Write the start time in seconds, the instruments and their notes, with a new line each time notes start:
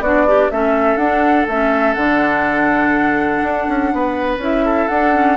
0.00 bassoon B3, clarinet D4, oboe F#4, flute D5
0.26 oboe D4, clarinet G4
0.51 bassoon A3, clarinet C#4, oboe A4, flute E5
0.96 bassoon D4, clarinet D4, flute F#5
1.47 bassoon A3, clarinet C#4, flute E5
1.94 bassoon D3, clarinet D4, flute F#5
3.43 bassoon D4
3.68 bassoon C#4
3.93 bassoon B3, oboe B4
4.38 bassoon C#4, clarinet E4, flute E5
4.65 oboe A4
4.88 bassoon D4, clarinet D4, flute F#5
5.14 clarinet C#4